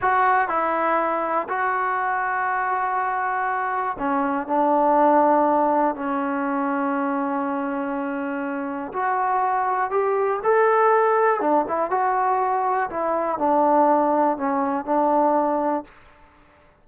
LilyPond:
\new Staff \with { instrumentName = "trombone" } { \time 4/4 \tempo 4 = 121 fis'4 e'2 fis'4~ | fis'1 | cis'4 d'2. | cis'1~ |
cis'2 fis'2 | g'4 a'2 d'8 e'8 | fis'2 e'4 d'4~ | d'4 cis'4 d'2 | }